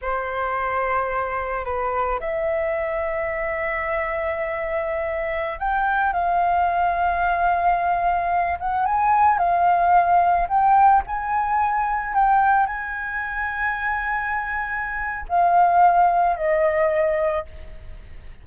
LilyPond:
\new Staff \with { instrumentName = "flute" } { \time 4/4 \tempo 4 = 110 c''2. b'4 | e''1~ | e''2~ e''16 g''4 f''8.~ | f''2.~ f''8. fis''16~ |
fis''16 gis''4 f''2 g''8.~ | g''16 gis''2 g''4 gis''8.~ | gis''1 | f''2 dis''2 | }